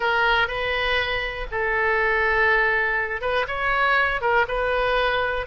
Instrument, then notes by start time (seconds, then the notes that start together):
oboe
0.00 A#4
0.47 B4
1.51 A4
3.21 B4
3.47 C#5
4.21 A#4
4.48 B4